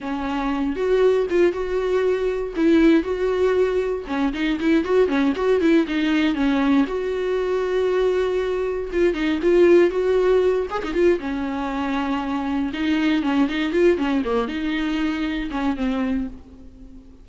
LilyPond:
\new Staff \with { instrumentName = "viola" } { \time 4/4 \tempo 4 = 118 cis'4. fis'4 f'8 fis'4~ | fis'4 e'4 fis'2 | cis'8 dis'8 e'8 fis'8 cis'8 fis'8 e'8 dis'8~ | dis'8 cis'4 fis'2~ fis'8~ |
fis'4. f'8 dis'8 f'4 fis'8~ | fis'4 gis'16 dis'16 f'8 cis'2~ | cis'4 dis'4 cis'8 dis'8 f'8 cis'8 | ais8 dis'2 cis'8 c'4 | }